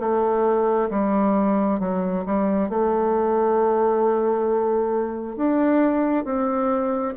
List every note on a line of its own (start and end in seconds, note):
0.00 0.90 A3
0.90 1.80 G3
1.80 2.25 F#3
2.26 2.70 G3
2.70 5.37 A3
5.37 6.25 D4
6.25 7.15 C4